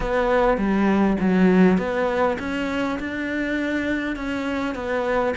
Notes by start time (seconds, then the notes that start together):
0.00 B3
0.57 G3
1.20 F#3
1.78 B3
2.39 C#4
2.99 D4
4.16 C#4
4.74 B3